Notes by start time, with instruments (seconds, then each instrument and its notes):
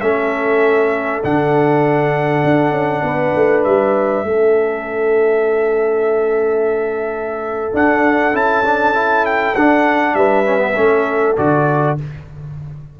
0.00 tuba A3, trombone C#4, horn A4, trumpet E5
1.24 tuba D3, trombone D4, trumpet F#5
2.44 tuba D4
2.71 tuba C#4
3.02 tuba B3, horn B4
3.35 tuba A3
3.63 tuba G3, trumpet E5
4.23 tuba A3, trombone C#4, horn A4
7.72 trombone D4, tuba D4, trumpet F#5
8.33 tuba C#4, trombone E4, trumpet A5
8.64 trombone D4
8.94 trombone E4
9.25 trumpet G5
9.55 tuba D4, trombone D4, trumpet F#5
10.14 tuba G3, horn B4, trumpet E5
10.45 trombone C#4
10.58 trombone B3
10.76 tuba A3, trombone C#4, horn A4
11.36 tuba D3, trombone F#4, trumpet D5